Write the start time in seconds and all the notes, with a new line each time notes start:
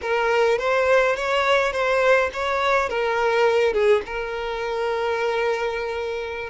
0.01 A#4
0.58 C5
1.15 C#5
1.72 C5
2.33 C#5
2.89 A#4
3.73 G#4
4.06 A#4